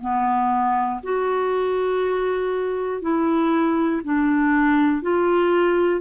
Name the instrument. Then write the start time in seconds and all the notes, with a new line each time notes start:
clarinet
0.00 B3
1.03 F#4
3.01 E4
4.04 D4
5.02 F4